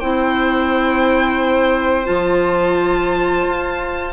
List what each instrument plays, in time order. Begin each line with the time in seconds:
0.00 bassoon C4, clarinet E4, viola C5, violin G5
2.05 bassoon F3, clarinet F4, violin A5
3.48 bassoon F4